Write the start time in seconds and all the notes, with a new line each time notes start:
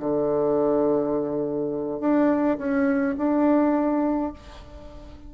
0.00 D3
2.00 D4
2.58 C#4
3.18 D4